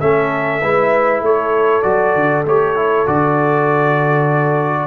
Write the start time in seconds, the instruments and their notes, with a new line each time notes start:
0.00 tuba A3, trombone C#4, horn A4, trumpet E5
0.61 tuba G#3, trombone E4, horn B4
1.21 tuba A3, horn A4, trumpet C#5
1.82 tuba F#3, trombone F#4, trumpet D5
2.15 tuba D3
2.45 tuba A3, trombone G4, trumpet C#5
2.76 trombone E4
3.06 tuba D3, trombone F#4, trumpet D5